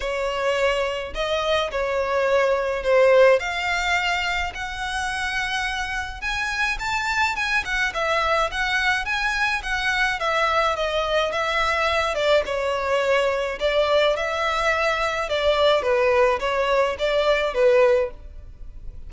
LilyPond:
\new Staff \with { instrumentName = "violin" } { \time 4/4 \tempo 4 = 106 cis''2 dis''4 cis''4~ | cis''4 c''4 f''2 | fis''2. gis''4 | a''4 gis''8 fis''8 e''4 fis''4 |
gis''4 fis''4 e''4 dis''4 | e''4. d''8 cis''2 | d''4 e''2 d''4 | b'4 cis''4 d''4 b'4 | }